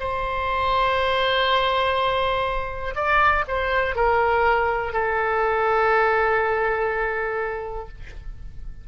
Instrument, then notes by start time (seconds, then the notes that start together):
oboe
0.00 C5
2.96 D5
3.48 C5
3.96 A#4
4.94 A4